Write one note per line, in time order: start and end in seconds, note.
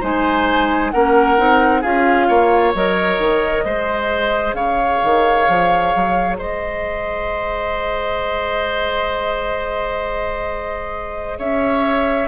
0.00 0.93 G#3
0.00 0.92 D#4
0.00 0.91 C5
0.00 0.91 G#5
0.91 1.38 A#3
0.91 1.37 C#4
0.91 1.81 A#4
0.91 1.82 F#5
1.37 1.84 C4
1.37 1.83 D#4
1.81 2.29 C#4
1.81 2.74 F4
1.81 2.27 G#4
1.81 2.73 F5
2.28 2.74 A#3
2.28 3.64 C#5
2.74 3.18 F#3
2.74 3.66 A#4
2.74 4.54 D#5
3.18 3.64 D#3
3.64 4.53 G#3
3.64 12.27 G#4
3.64 4.55 C5
4.53 4.99 C#3
4.53 6.37 C#5
4.53 6.36 F5
5.03 5.48 D#3
5.48 5.94 F3
5.95 6.39 F#3
6.38 11.38 G#3
6.38 11.38 C5
6.38 11.39 D#5
11.38 12.27 C#4
11.38 12.27 C#5
11.38 12.27 E5